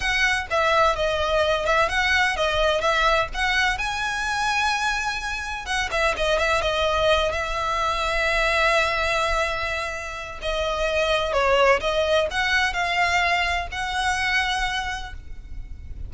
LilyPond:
\new Staff \with { instrumentName = "violin" } { \time 4/4 \tempo 4 = 127 fis''4 e''4 dis''4. e''8 | fis''4 dis''4 e''4 fis''4 | gis''1 | fis''8 e''8 dis''8 e''8 dis''4. e''8~ |
e''1~ | e''2 dis''2 | cis''4 dis''4 fis''4 f''4~ | f''4 fis''2. | }